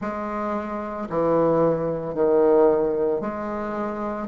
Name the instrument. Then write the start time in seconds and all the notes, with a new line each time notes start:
bassoon
0.00 G#3
1.10 E3
2.14 D#3
3.20 G#3